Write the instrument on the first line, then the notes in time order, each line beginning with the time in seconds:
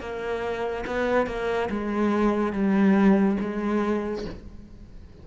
cello
0.00 A#3
0.86 B3
1.27 A#3
1.70 G#3
2.52 G3
3.40 G#3